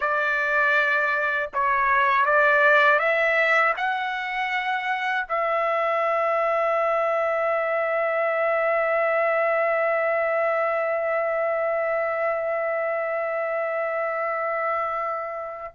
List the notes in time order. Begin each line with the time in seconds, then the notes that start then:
0.00 D5
1.53 C#5
2.25 D5
2.99 E5
3.76 F#5
5.28 E5